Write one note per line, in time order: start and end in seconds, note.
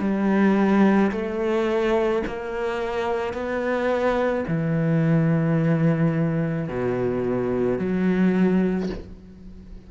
0.00 1.11 G3
1.12 2.23 A3
2.27 3.34 A#3
3.34 4.45 B3
4.48 6.69 E3
6.69 7.79 B2
7.79 8.90 F#3